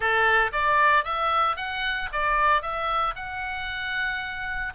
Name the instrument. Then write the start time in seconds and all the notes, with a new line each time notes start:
oboe
0.00 A4
0.52 D5
1.04 E5
1.56 F#5
2.12 D5
2.61 E5
3.15 F#5